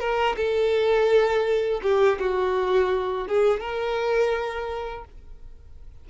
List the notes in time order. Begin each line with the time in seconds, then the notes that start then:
0.00 A#4
0.37 A4
1.83 G4
2.19 F#4
3.28 G#4
3.60 A#4